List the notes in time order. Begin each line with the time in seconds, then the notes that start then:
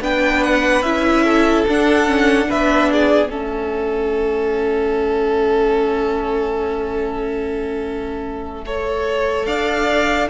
0.00 B3 D4 B4 G5
0.43 F#5
0.82 C#4 E4 E5
1.24 A4
1.67 D4 F#5
2.06 C#4
2.45 D4 B4 E5
2.51 B3
2.91 G#4 D5
3.30 A3 C#4 A4 E5
8.65 A4 C#5
9.46 D4 D5 F5